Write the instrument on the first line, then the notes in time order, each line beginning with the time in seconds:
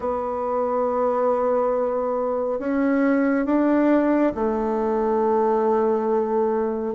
bassoon
0.00 B3
2.59 C#4
3.45 D4
4.34 A3